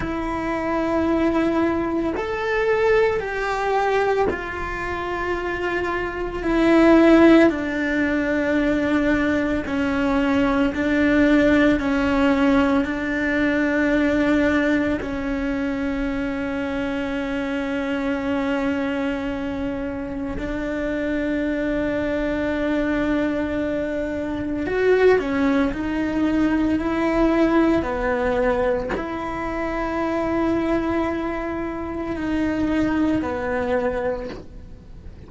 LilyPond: \new Staff \with { instrumentName = "cello" } { \time 4/4 \tempo 4 = 56 e'2 a'4 g'4 | f'2 e'4 d'4~ | d'4 cis'4 d'4 cis'4 | d'2 cis'2~ |
cis'2. d'4~ | d'2. fis'8 cis'8 | dis'4 e'4 b4 e'4~ | e'2 dis'4 b4 | }